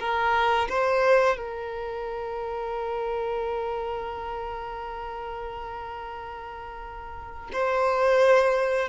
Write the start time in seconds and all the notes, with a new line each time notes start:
0.00 A#4
0.69 C5
1.37 A#4
7.53 C5